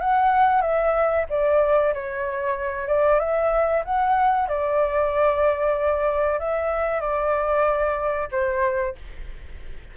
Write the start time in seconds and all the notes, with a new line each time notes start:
0.00 F#5
0.61 E5
1.29 D5
1.94 C#5
2.88 D5
3.19 E5
3.84 F#5
4.48 D5
6.39 E5
7.01 D5
8.32 C5